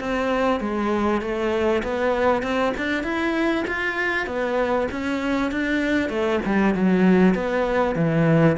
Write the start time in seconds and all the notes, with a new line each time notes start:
0.00 C4
0.60 G#3
1.22 A3
1.83 B3
2.42 C4
2.77 D4
3.03 E4
3.67 F4
4.27 B3
4.91 C#4
5.51 D4
6.09 A3
6.46 G3
6.75 F#3
7.35 B3
7.96 E3